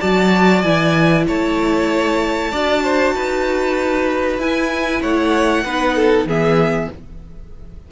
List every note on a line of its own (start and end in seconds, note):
0.00 0.64 F#3
0.00 0.64 F#4
0.00 1.25 D5
0.00 0.61 A5
0.61 1.27 E3
0.61 2.52 E4
0.61 1.24 G#5
1.27 2.52 A3
1.27 2.51 C#5
1.27 4.40 A5
2.51 3.15 D4
2.51 4.40 F#4
2.51 2.82 D5
2.83 3.14 C5
3.15 4.39 D#4
3.15 5.01 B4
4.39 5.01 E4
4.39 5.65 E4
4.39 5.02 G#5
5.01 5.64 A3
5.01 5.64 C#5
5.01 6.28 F#5
5.64 6.25 B3
5.64 6.28 D#4
5.64 5.96 B4
5.96 6.27 A4
6.25 6.88 E3
6.25 6.91 B3
6.25 6.90 G#4
6.25 6.91 E5